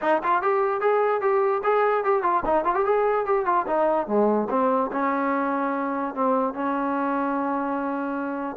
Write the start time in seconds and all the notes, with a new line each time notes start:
0.01 D#4
0.23 F4
0.42 G4
0.81 G#4
1.21 G4
1.63 G#4
2.04 G4
2.22 F4
2.45 D#4
2.64 F4
2.75 G4
2.85 G#4
3.25 G4
3.45 F4
3.67 D#4
4.07 G#3
4.50 C4
4.92 C#4
6.14 C4
6.54 C#4